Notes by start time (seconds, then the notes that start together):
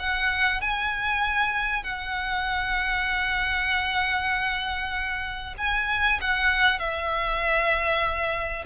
0.00 F#5
0.61 G#5
1.84 F#5
5.58 G#5
6.21 F#5
6.80 E5